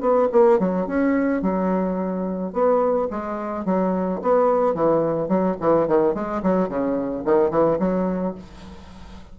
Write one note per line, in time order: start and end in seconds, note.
0.00 0.28 B3
0.32 0.59 A#3
0.59 0.87 F#3
0.87 1.42 C#4
1.42 2.52 F#3
2.52 3.08 B3
3.10 3.65 G#3
3.65 4.20 F#3
4.22 4.74 B3
4.74 5.28 E3
5.28 5.56 F#3
5.60 5.87 E3
5.87 6.14 D#3
6.14 6.42 G#3
6.42 6.68 F#3
6.68 7.24 C#3
7.25 7.50 D#3
7.50 7.78 E3
7.79 8.34 F#3